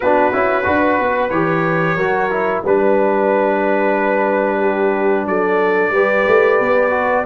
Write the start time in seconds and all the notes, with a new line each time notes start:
0.00 B3 D4 F#4 B4
0.33 C#4 E4
0.63 D4 F#4 B4
0.99 B3
1.30 E3 G4 C#5
1.96 F#3 F#4 A#4
2.30 E4
2.64 G3 D4 B4
4.60 G4
5.25 F#3 A4 D5
5.90 G3 G4 B4
6.27 A3
6.59 B3
6.90 F#4